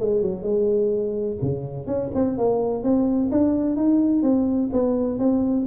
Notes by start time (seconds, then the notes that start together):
0.00 G#3
0.22 F#3
0.43 G#3
1.42 C#3
1.87 C#4
2.15 C4
2.38 A#3
2.83 C4
3.32 D4
3.77 D#4
4.23 C4
4.73 B3
5.19 C4